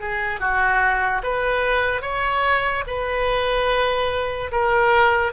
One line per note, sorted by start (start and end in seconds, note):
0.00 0.40 G#4
0.40 1.22 F#4
1.23 2.02 B4
2.02 2.84 C#5
2.87 4.51 B4
4.51 5.32 A#4